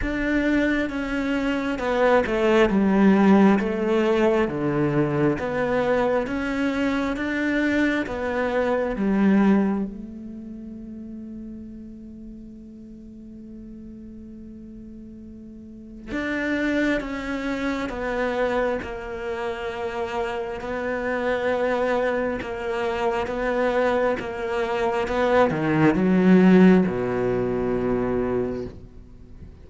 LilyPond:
\new Staff \with { instrumentName = "cello" } { \time 4/4 \tempo 4 = 67 d'4 cis'4 b8 a8 g4 | a4 d4 b4 cis'4 | d'4 b4 g4 a4~ | a1~ |
a2 d'4 cis'4 | b4 ais2 b4~ | b4 ais4 b4 ais4 | b8 dis8 fis4 b,2 | }